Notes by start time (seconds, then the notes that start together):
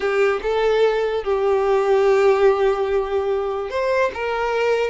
0.00 G4
0.42 A4
1.23 G4
3.70 C5
4.14 A#4